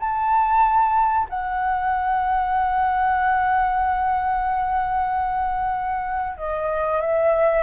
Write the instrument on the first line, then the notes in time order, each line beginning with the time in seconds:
flute
0.00 A5
1.30 F#5
6.38 D#5
7.01 E5